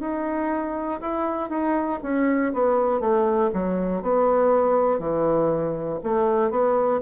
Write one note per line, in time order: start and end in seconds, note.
0.00 1.00 D#4
1.01 1.50 E4
1.50 2.00 D#4
2.02 2.52 C#4
2.54 3.00 B3
3.00 3.50 A3
3.53 4.02 F#3
4.02 4.99 B3
4.99 5.99 E3
6.03 6.51 A3
6.51 7.01 B3